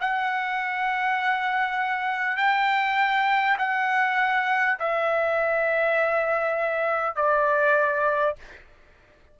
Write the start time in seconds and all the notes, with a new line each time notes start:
0.00 F#5
2.37 G5
3.58 F#5
4.79 E5
7.16 D5